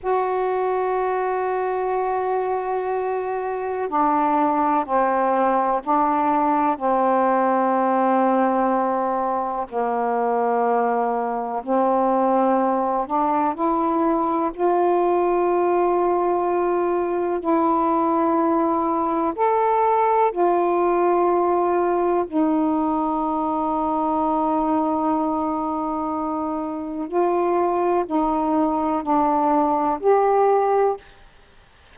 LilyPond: \new Staff \with { instrumentName = "saxophone" } { \time 4/4 \tempo 4 = 62 fis'1 | d'4 c'4 d'4 c'4~ | c'2 ais2 | c'4. d'8 e'4 f'4~ |
f'2 e'2 | a'4 f'2 dis'4~ | dis'1 | f'4 dis'4 d'4 g'4 | }